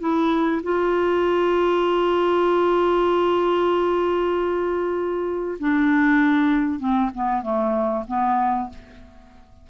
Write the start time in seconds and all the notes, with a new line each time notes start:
0.00 E4
0.64 F4
5.60 D4
6.80 C4
7.14 B3
7.43 A3
8.08 B3